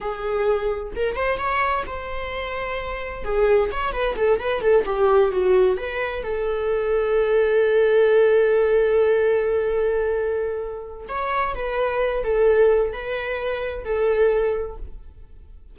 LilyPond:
\new Staff \with { instrumentName = "viola" } { \time 4/4 \tempo 4 = 130 gis'2 ais'8 c''8 cis''4 | c''2. gis'4 | cis''8 b'8 a'8 b'8 a'8 g'4 fis'8~ | fis'8 b'4 a'2~ a'8~ |
a'1~ | a'1 | cis''4 b'4. a'4. | b'2 a'2 | }